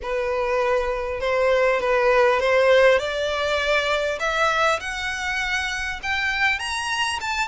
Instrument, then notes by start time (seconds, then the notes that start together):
violin
0.02 B4
1.20 C5
1.80 B4
2.40 C5
2.98 D5
4.19 E5
4.80 F#5
6.02 G5
6.59 A#5
7.21 A5